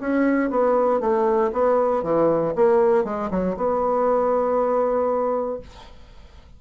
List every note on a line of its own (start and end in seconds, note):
0.00 0.50 C#4
0.50 1.00 B3
1.00 1.51 A3
1.52 2.03 B3
2.03 2.54 E3
2.55 3.04 A#3
3.04 3.29 G#3
3.30 3.56 F#3
3.56 5.60 B3